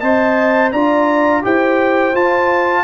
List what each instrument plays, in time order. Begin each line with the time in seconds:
0.00 tuba C4, trombone C5, horn D#5, trumpet A5
0.72 tuba D4, trombone F4, horn D5, trumpet A#5
1.42 tuba E4, trombone G4, horn C5, trumpet G5
2.13 tuba F4, trombone F4, trumpet A5